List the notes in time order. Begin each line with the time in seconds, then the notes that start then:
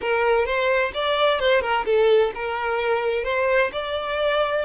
0.01 A#4
0.45 C5
0.94 D5
1.39 C5
1.61 A#4
1.85 A4
2.34 A#4
3.24 C5
3.72 D5